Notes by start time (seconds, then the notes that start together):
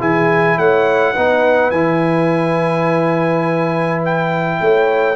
0.00 E3 E4 G#4 G#5
0.58 A3 C#5 F#5
1.14 B3 D#4 B4
1.71 E3 E4 G#5
4.06 G5
4.61 A3 C#5